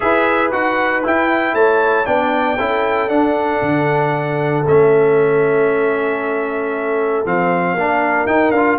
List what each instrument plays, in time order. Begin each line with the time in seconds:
0.00 tuba E4, trombone G#4, horn B4, trumpet E5
0.52 tuba D#4, trombone F#4, trumpet F#5
1.03 trombone E4, tuba E4, trumpet G5
1.53 tuba A3, horn C#5, trumpet A5
2.05 tuba B3, trombone D4, horn D5, trumpet G5
2.58 tuba C#4, trombone E4, horn A4
3.08 tuba D4, trombone D4, trumpet F#5
3.62 tuba D3
4.66 tuba A3, trombone C#4, trumpet E5
7.25 tuba F3, trombone C4, trumpet F5
7.73 tuba A#3, trombone D4, horn A#4
8.26 tuba D#4, trombone D#4, trumpet G5
8.51 tuba D4, trombone F4, trumpet F5